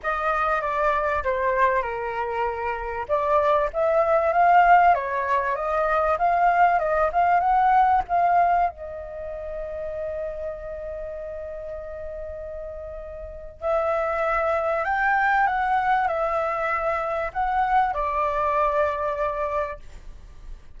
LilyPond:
\new Staff \with { instrumentName = "flute" } { \time 4/4 \tempo 4 = 97 dis''4 d''4 c''4 ais'4~ | ais'4 d''4 e''4 f''4 | cis''4 dis''4 f''4 dis''8 f''8 | fis''4 f''4 dis''2~ |
dis''1~ | dis''2 e''2 | g''4 fis''4 e''2 | fis''4 d''2. | }